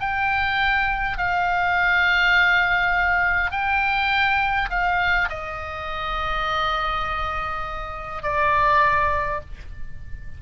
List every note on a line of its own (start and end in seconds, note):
0.00 1.18 G5
1.18 3.51 F5
3.51 4.69 G5
4.70 5.29 F5
5.29 8.23 D#5
8.23 9.41 D5